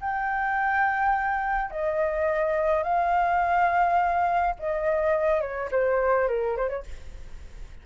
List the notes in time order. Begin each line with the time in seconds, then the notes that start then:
0.00 G5
1.70 D#5
2.83 F5
4.59 D#5
5.41 C#5
5.71 C5
6.28 A#4
6.57 C5
6.69 C#5